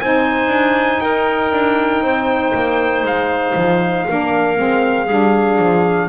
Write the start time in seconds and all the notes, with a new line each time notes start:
0.00 C4 D#4 C5 G#5
0.48 D4
1.01 D#4 A#4 G5
1.52 D4
2.01 C4 C5
2.54 A#3
3.03 G#3 F5
3.56 F3
4.08 A#3 D4 A#4
4.56 G#3 C4
5.05 G3 D4 G#4
5.59 F3